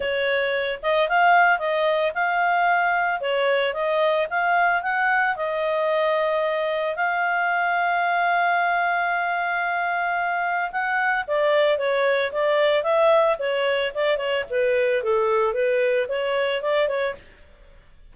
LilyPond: \new Staff \with { instrumentName = "clarinet" } { \time 4/4 \tempo 4 = 112 cis''4. dis''8 f''4 dis''4 | f''2 cis''4 dis''4 | f''4 fis''4 dis''2~ | dis''4 f''2.~ |
f''1 | fis''4 d''4 cis''4 d''4 | e''4 cis''4 d''8 cis''8 b'4 | a'4 b'4 cis''4 d''8 cis''8 | }